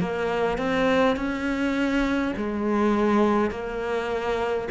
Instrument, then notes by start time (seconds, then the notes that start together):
cello
0.00 A#3
0.58 C4
1.16 C#4
2.36 G#3
3.50 A#3